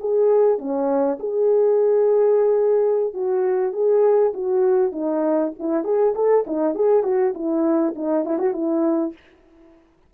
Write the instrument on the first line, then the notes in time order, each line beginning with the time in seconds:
horn
0.00 G#4
0.58 C#4
1.19 G#4
3.14 F#4
3.73 G#4
4.34 F#4
4.92 D#4
5.59 E4
5.84 G#4
6.15 A4
6.47 D#4
6.75 G#4
7.03 F#4
7.34 E4
7.96 D#4
8.25 E4
8.38 F#4
8.53 E4